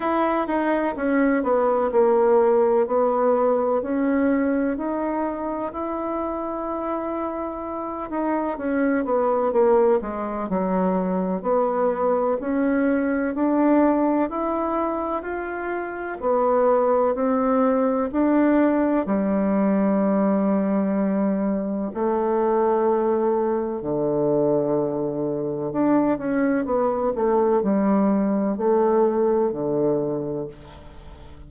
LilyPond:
\new Staff \with { instrumentName = "bassoon" } { \time 4/4 \tempo 4 = 63 e'8 dis'8 cis'8 b8 ais4 b4 | cis'4 dis'4 e'2~ | e'8 dis'8 cis'8 b8 ais8 gis8 fis4 | b4 cis'4 d'4 e'4 |
f'4 b4 c'4 d'4 | g2. a4~ | a4 d2 d'8 cis'8 | b8 a8 g4 a4 d4 | }